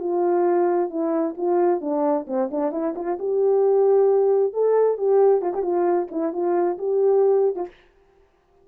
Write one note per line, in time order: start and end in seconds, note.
0.00 0.90 F4
0.90 1.35 E4
1.37 1.81 F4
1.81 2.26 D4
2.27 2.50 C4
2.51 2.72 D4
2.72 2.94 E4
2.96 3.18 F4
3.19 4.54 G4
4.54 4.98 A4
4.98 5.42 G4
5.42 5.53 F4
5.54 5.62 G4
5.62 6.08 F4
6.11 6.33 E4
6.33 6.78 F4
6.78 7.56 G4
7.56 7.67 F4